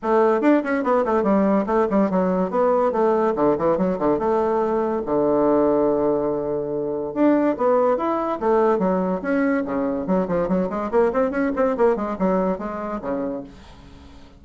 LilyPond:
\new Staff \with { instrumentName = "bassoon" } { \time 4/4 \tempo 4 = 143 a4 d'8 cis'8 b8 a8 g4 | a8 g8 fis4 b4 a4 | d8 e8 fis8 d8 a2 | d1~ |
d4 d'4 b4 e'4 | a4 fis4 cis'4 cis4 | fis8 f8 fis8 gis8 ais8 c'8 cis'8 c'8 | ais8 gis8 fis4 gis4 cis4 | }